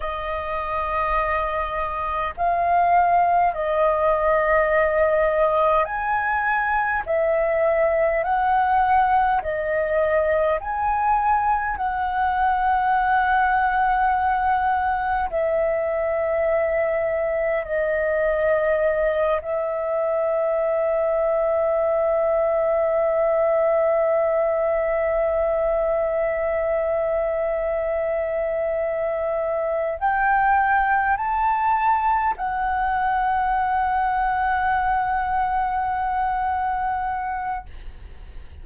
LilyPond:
\new Staff \with { instrumentName = "flute" } { \time 4/4 \tempo 4 = 51 dis''2 f''4 dis''4~ | dis''4 gis''4 e''4 fis''4 | dis''4 gis''4 fis''2~ | fis''4 e''2 dis''4~ |
dis''8 e''2.~ e''8~ | e''1~ | e''4. g''4 a''4 fis''8~ | fis''1 | }